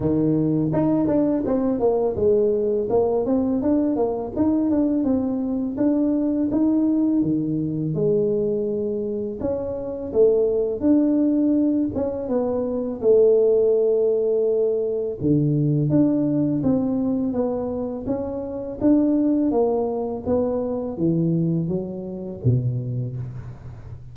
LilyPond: \new Staff \with { instrumentName = "tuba" } { \time 4/4 \tempo 4 = 83 dis4 dis'8 d'8 c'8 ais8 gis4 | ais8 c'8 d'8 ais8 dis'8 d'8 c'4 | d'4 dis'4 dis4 gis4~ | gis4 cis'4 a4 d'4~ |
d'8 cis'8 b4 a2~ | a4 d4 d'4 c'4 | b4 cis'4 d'4 ais4 | b4 e4 fis4 b,4 | }